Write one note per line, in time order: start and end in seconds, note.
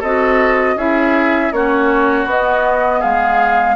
0.00 0.76 C4
0.00 0.77 F#4
0.00 0.75 A4
0.00 0.78 D#5
0.76 1.51 C#4
0.76 1.52 E4
0.76 1.53 G#4
0.76 1.53 E5
1.52 2.26 A#3
1.52 2.28 C#4
1.52 3.00 F#4
1.52 2.28 C#5
2.26 3.01 B3
2.26 3.76 B3
2.26 3.01 D#5
3.00 3.76 G#3
3.00 3.75 G#4
3.00 3.76 F5